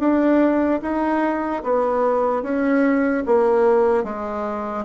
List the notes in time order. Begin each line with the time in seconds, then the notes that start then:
0.00 D4
0.82 D#4
1.64 B3
2.43 C#4
3.27 A#3
4.04 G#3